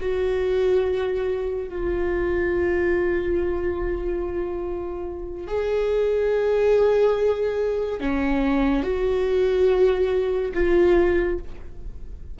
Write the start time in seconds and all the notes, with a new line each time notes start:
0.00 F#4
1.69 F4
5.48 G#4
8.00 C#4
8.83 F#4
10.54 F4